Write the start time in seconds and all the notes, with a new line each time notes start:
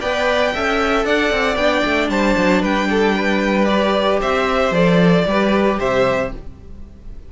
0.00 B3 B4 D5 G5
0.54 C#4 A4 E5
1.05 D4 D5 F#5
1.31 C4
1.56 B3 D4 G5
1.85 A3
2.09 G3 C5 A5
2.37 F#3
2.62 G3 B4 G5
2.90 A4
3.16 B4
3.65 G4 D5
4.21 C4 C5 E5
4.71 F3 A4 D5
5.27 G3 G4 B4
5.79 C3 C5 E5